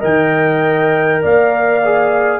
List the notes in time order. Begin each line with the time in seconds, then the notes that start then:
0.00 D#3 A#4 D#5 G5
1.22 A#3 D5 F5
1.84 G#4